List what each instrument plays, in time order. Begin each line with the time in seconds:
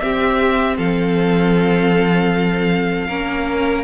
0.00 viola C4, cello C4, violin G4 E5
0.77 cello F3, violin A4 F5
3.08 cello A#3, viola C#4, violin A#4